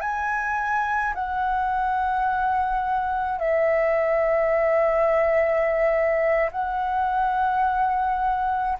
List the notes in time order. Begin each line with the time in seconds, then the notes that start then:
0.00 G#5
1.14 F#5
3.39 E5
6.51 F#5